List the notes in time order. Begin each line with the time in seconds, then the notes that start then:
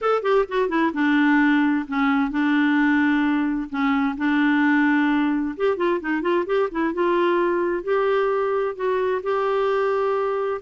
0.01 A4
0.22 G4
0.48 F#4
0.68 E4
0.93 D4
1.87 C#4
2.30 D4
3.69 C#4
4.17 D4
5.56 G4
5.76 F4
6.00 D#4
6.21 F4
6.46 G4
6.71 E4
6.93 F4
7.83 G4
8.75 F#4
9.22 G4